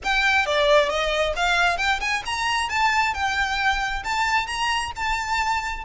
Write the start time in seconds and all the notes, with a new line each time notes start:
0.04 G5
0.45 D5
0.89 D#5
1.36 F5
1.77 G5
2.00 G#5
2.25 A#5
2.69 A5
3.13 G5
4.03 A5
4.46 A#5
4.95 A5